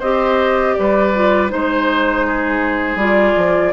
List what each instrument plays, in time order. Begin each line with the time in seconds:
0.00 bassoon C4, clarinet G4, oboe C5, flute D#5
0.75 bassoon G3, oboe B4, flute D5
1.15 clarinet F4
1.50 bassoon G#3, clarinet D#4, flute C5, oboe C5
2.27 oboe G#4
2.96 bassoon G3, clarinet F4, flute D5
3.37 bassoon F3